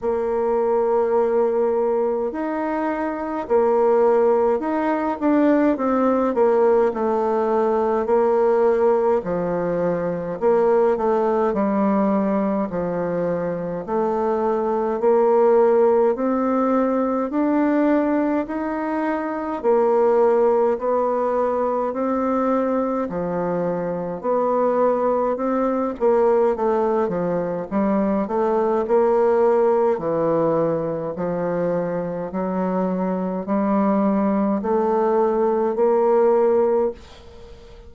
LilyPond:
\new Staff \with { instrumentName = "bassoon" } { \time 4/4 \tempo 4 = 52 ais2 dis'4 ais4 | dis'8 d'8 c'8 ais8 a4 ais4 | f4 ais8 a8 g4 f4 | a4 ais4 c'4 d'4 |
dis'4 ais4 b4 c'4 | f4 b4 c'8 ais8 a8 f8 | g8 a8 ais4 e4 f4 | fis4 g4 a4 ais4 | }